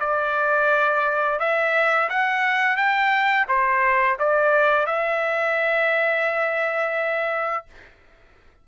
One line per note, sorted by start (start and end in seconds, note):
0.00 1.39 D5
1.39 2.09 E5
2.10 2.77 F#5
2.77 3.46 G5
3.48 4.18 C5
4.19 4.86 D5
4.86 7.65 E5